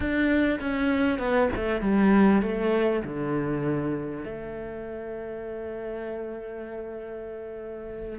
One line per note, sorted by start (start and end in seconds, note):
0.00 0.59 D4
0.60 1.18 C#4
1.18 1.49 B3
1.55 1.81 A3
1.81 2.42 G3
2.42 3.02 A3
3.04 4.25 D3
4.25 8.18 A3